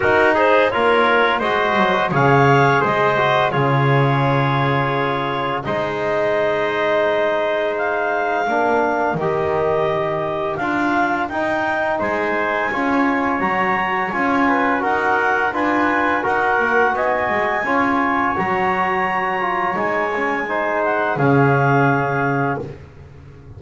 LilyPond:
<<
  \new Staff \with { instrumentName = "clarinet" } { \time 4/4 \tempo 4 = 85 ais'8 c''8 cis''4 dis''4 f''4 | dis''4 cis''2. | dis''2. f''4~ | f''4 dis''2 f''4 |
g''4 gis''2 ais''4 | gis''4 fis''4 gis''4 fis''4 | gis''2 ais''2 | gis''4. fis''8 f''2 | }
  \new Staff \with { instrumentName = "trumpet" } { \time 4/4 fis'8 gis'8 ais'4 c''4 cis''4 | c''4 gis'2. | c''1 | ais'1~ |
ais'4 c''4 cis''2~ | cis''8 b'8 ais'4 b'4 ais'4 | dis''4 cis''2.~ | cis''4 c''4 gis'2 | }
  \new Staff \with { instrumentName = "trombone" } { \time 4/4 dis'4 f'4 fis'4 gis'4~ | gis'8 fis'8 f'2. | dis'1 | d'4 g'2 f'4 |
dis'2 f'4 fis'4 | f'4 fis'4 f'4 fis'4~ | fis'4 f'4 fis'4. f'8 | dis'8 cis'8 dis'4 cis'2 | }
  \new Staff \with { instrumentName = "double bass" } { \time 4/4 dis'4 ais4 gis8 fis8 cis4 | gis4 cis2. | gis1 | ais4 dis2 d'4 |
dis'4 gis4 cis'4 fis4 | cis'4 dis'4 d'4 dis'8 ais8 | b8 gis8 cis'4 fis2 | gis2 cis2 | }
>>